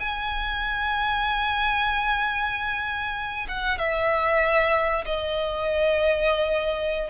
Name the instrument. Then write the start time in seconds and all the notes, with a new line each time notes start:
violin
0.00 G#5
3.49 F#5
3.79 E5
5.06 D#5